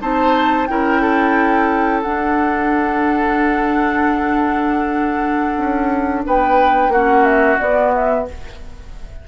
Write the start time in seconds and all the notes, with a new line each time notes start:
0.00 C4 D#4 C5 A5
0.66 C#4 E4 A#4 G5
1.01 A4
2.02 D4 F#5
5.57 C#4
6.26 B3 B4 G5
6.88 A#3 C#4 F#4 F#5
7.24 E5
7.58 B3 D5
7.94 E5